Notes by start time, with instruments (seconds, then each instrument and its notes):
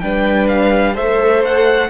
0.00 cello G3, viola D4, violin B4 G5
0.48 violin F5
0.94 cello A3, viola A4, violin C5 E5
1.45 violin F#5